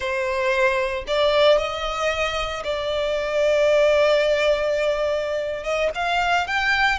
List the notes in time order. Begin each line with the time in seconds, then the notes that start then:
0.00 C5
1.07 D5
1.58 D#5
2.63 D5
5.63 D#5
5.94 F5
6.47 G5